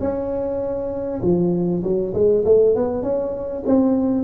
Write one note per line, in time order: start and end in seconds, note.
0.00 1.21 C#4
1.22 1.82 F3
1.83 2.13 F#3
2.13 2.44 G#3
2.45 2.75 A3
2.75 3.02 B3
3.02 3.63 C#4
3.66 4.23 C4